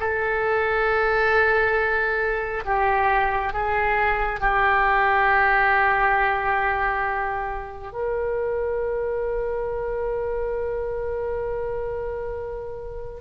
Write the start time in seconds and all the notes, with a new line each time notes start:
0.00 A4
2.65 G4
3.53 G#4
4.40 G4
7.93 A#4